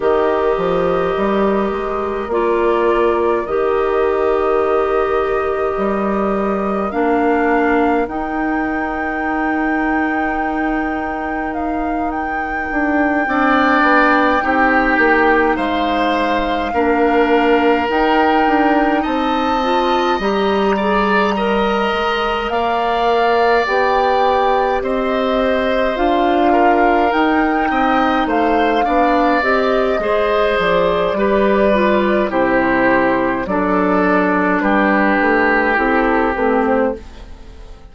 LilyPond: <<
  \new Staff \with { instrumentName = "flute" } { \time 4/4 \tempo 4 = 52 dis''2 d''4 dis''4~ | dis''2 f''4 g''4~ | g''2 f''8 g''4.~ | g''4. f''2 g''8~ |
g''8 a''4 ais''2 f''8~ | f''8 g''4 dis''4 f''4 g''8~ | g''8 f''4 dis''4 d''4. | c''4 d''4 b'4 a'8 b'16 c''16 | }
  \new Staff \with { instrumentName = "oboe" } { \time 4/4 ais'1~ | ais'1~ | ais'2.~ ais'8 d''8~ | d''8 g'4 c''4 ais'4.~ |
ais'8 dis''4. d''8 dis''4 d''8~ | d''4. c''4. ais'4 | dis''8 c''8 d''4 c''4 b'4 | g'4 a'4 g'2 | }
  \new Staff \with { instrumentName = "clarinet" } { \time 4/4 g'2 f'4 g'4~ | g'2 d'4 dis'4~ | dis'2.~ dis'8 d'8~ | d'8 dis'2 d'4 dis'8~ |
dis'4 f'8 g'8 gis'8 ais'4.~ | ais'8 g'2 f'4 dis'8~ | dis'4 d'8 g'8 gis'4 g'8 f'8 | e'4 d'2 e'8 c'8 | }
  \new Staff \with { instrumentName = "bassoon" } { \time 4/4 dis8 f8 g8 gis8 ais4 dis4~ | dis4 g4 ais4 dis'4~ | dis'2. d'8 c'8 | b8 c'8 ais8 gis4 ais4 dis'8 |
d'8 c'4 g4. gis8 ais8~ | ais8 b4 c'4 d'4 dis'8 | c'8 a8 b8 c'8 gis8 f8 g4 | c4 fis4 g8 a8 c'8 a8 | }
>>